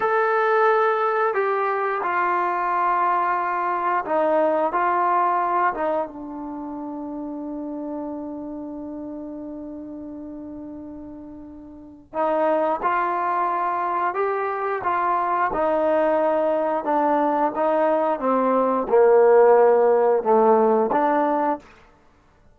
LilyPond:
\new Staff \with { instrumentName = "trombone" } { \time 4/4 \tempo 4 = 89 a'2 g'4 f'4~ | f'2 dis'4 f'4~ | f'8 dis'8 d'2.~ | d'1~ |
d'2 dis'4 f'4~ | f'4 g'4 f'4 dis'4~ | dis'4 d'4 dis'4 c'4 | ais2 a4 d'4 | }